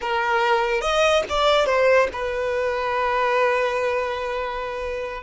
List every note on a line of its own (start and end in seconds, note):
0.01 0.81 A#4
0.81 1.23 D#5
1.29 1.66 D5
1.66 2.08 C5
2.13 5.23 B4